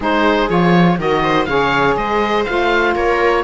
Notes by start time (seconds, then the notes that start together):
0.00 G#3 D#4 G#4 C5
0.48 F3 F4 C#5
0.98 D#3 F#4 A#4 D#5
1.23 C5
1.45 C#3 G#4 C#5 F5
1.96 G#3 C5 D#5
2.44 A3 F4 F5
2.95 A#3 A#4 C#5